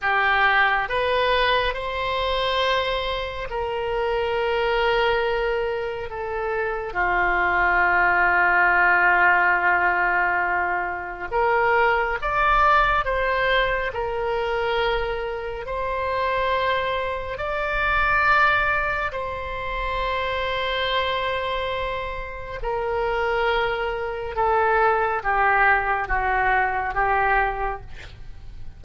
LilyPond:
\new Staff \with { instrumentName = "oboe" } { \time 4/4 \tempo 4 = 69 g'4 b'4 c''2 | ais'2. a'4 | f'1~ | f'4 ais'4 d''4 c''4 |
ais'2 c''2 | d''2 c''2~ | c''2 ais'2 | a'4 g'4 fis'4 g'4 | }